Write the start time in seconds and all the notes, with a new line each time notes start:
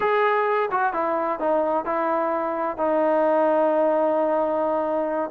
0.00 G#4
0.71 F#4
0.93 E4
1.39 D#4
1.85 E4
2.77 D#4